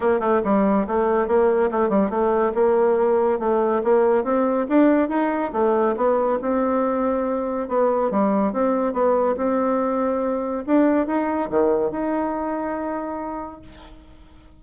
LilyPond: \new Staff \with { instrumentName = "bassoon" } { \time 4/4 \tempo 4 = 141 ais8 a8 g4 a4 ais4 | a8 g8 a4 ais2 | a4 ais4 c'4 d'4 | dis'4 a4 b4 c'4~ |
c'2 b4 g4 | c'4 b4 c'2~ | c'4 d'4 dis'4 dis4 | dis'1 | }